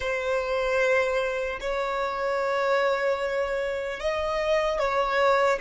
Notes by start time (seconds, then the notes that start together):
0.00 C5
1.60 C#5
4.00 D#5
4.79 C#5